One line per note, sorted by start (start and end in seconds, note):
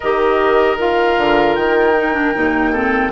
0.00 1.17 D#3
0.00 0.78 G4
0.00 2.72 A#4
0.00 0.78 D#5
0.78 1.95 F4
0.78 1.55 F5
1.17 1.56 D3
1.55 2.34 D#3
1.55 3.11 G5
1.96 2.13 D#4
2.13 2.33 D4
2.34 3.11 D#2
2.34 2.73 D#4
2.72 3.11 C4
2.72 3.11 A4